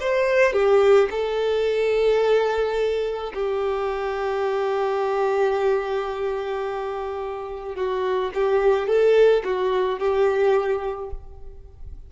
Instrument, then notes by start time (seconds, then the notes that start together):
violin
0.00 C5
0.53 G4
1.11 A4
3.34 G4
7.76 F#4
8.34 G4
8.87 A4
9.44 F#4
9.99 G4